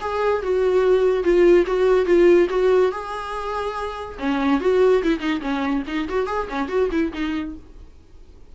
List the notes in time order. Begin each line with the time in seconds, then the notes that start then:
0.00 G#4
0.42 F#4
1.23 F4
1.66 F#4
2.05 F4
2.49 F#4
2.91 G#4
4.18 C#4
4.60 F#4
5.03 E4
5.19 D#4
5.41 C#4
5.87 D#4
6.08 F#4
6.26 G#4
6.49 C#4
6.68 F#4
6.91 E4
7.13 D#4